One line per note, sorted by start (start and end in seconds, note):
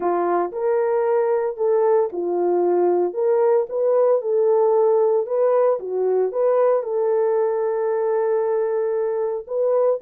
0.00 0.51 F4
0.52 1.56 A#4
1.56 2.09 A4
2.12 3.13 F4
3.13 3.66 A#4
3.69 4.21 B4
4.21 5.26 A4
5.26 5.79 B4
5.79 6.32 F#4
6.32 6.82 B4
6.82 9.45 A4
9.47 10.00 B4